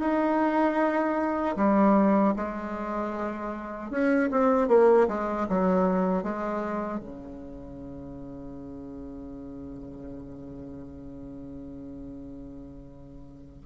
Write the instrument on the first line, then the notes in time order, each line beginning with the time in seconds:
bassoon
0.00 D#4
1.57 G3
2.36 G#3
3.91 C#4
4.31 C4
4.69 A#3
5.09 G#3
5.49 F#3
6.24 G#3
7.00 C#3